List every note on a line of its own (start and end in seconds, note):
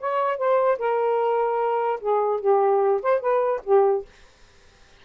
0.00 0.38 C#5
0.38 0.78 C5
0.78 2.00 A#4
2.00 2.40 G#4
2.40 3.01 G4
3.02 3.20 C5
3.20 3.61 B4
3.64 4.05 G4